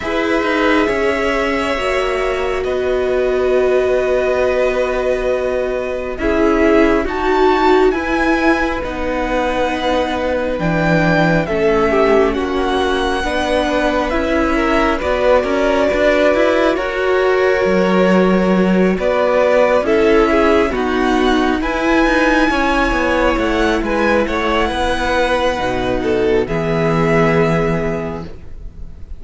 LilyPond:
<<
  \new Staff \with { instrumentName = "violin" } { \time 4/4 \tempo 4 = 68 e''2. dis''4~ | dis''2. e''4 | a''4 gis''4 fis''2 | g''4 e''4 fis''2 |
e''4 d''2 cis''4~ | cis''4. d''4 e''4 fis''8~ | fis''8 gis''2 fis''8 gis''8 fis''8~ | fis''2 e''2 | }
  \new Staff \with { instrumentName = "violin" } { \time 4/4 b'4 cis''2 b'4~ | b'2. gis'4 | fis'4 b'2.~ | b'4 a'8 g'8 fis'4 b'4~ |
b'8 ais'8 b'8 ais'8 b'4 ais'4~ | ais'4. b'4 a'8 gis'8 fis'8~ | fis'8 b'4 cis''4. b'8 cis''8 | b'4. a'8 gis'2 | }
  \new Staff \with { instrumentName = "viola" } { \time 4/4 gis'2 fis'2~ | fis'2. e'4 | fis'4 e'4 dis'2 | d'4 cis'2 d'4 |
e'4 fis'2.~ | fis'2~ fis'8 e'4 b8~ | b8 e'2.~ e'8~ | e'4 dis'4 b2 | }
  \new Staff \with { instrumentName = "cello" } { \time 4/4 e'8 dis'8 cis'4 ais4 b4~ | b2. cis'4 | dis'4 e'4 b2 | e4 a4 ais4 b4 |
cis'4 b8 cis'8 d'8 e'8 fis'4 | fis4. b4 cis'4 dis'8~ | dis'8 e'8 dis'8 cis'8 b8 a8 gis8 a8 | b4 b,4 e2 | }
>>